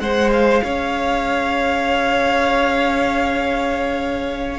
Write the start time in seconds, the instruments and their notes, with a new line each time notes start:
0.00 cello G#3, viola G#4, violin C5 F#5
0.33 violin F5
0.64 cello C#4, violin C#5